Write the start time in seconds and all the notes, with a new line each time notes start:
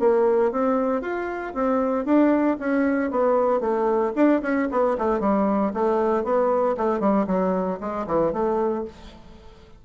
0.00 A#3
0.52 C4
1.02 F4
1.54 C4
2.05 D4
2.60 C#4
3.11 B3
3.61 A3
4.16 D4
4.43 C#4
4.71 B3
4.98 A3
5.20 G3
5.74 A3
6.24 B3
6.78 A3
7.00 G3
7.27 F#3
7.80 G#3
8.07 E3
8.33 A3